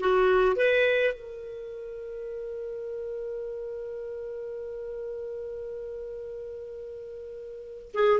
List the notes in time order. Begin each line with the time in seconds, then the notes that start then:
0.00 F#4
0.56 B4
1.14 A#4
7.94 G#4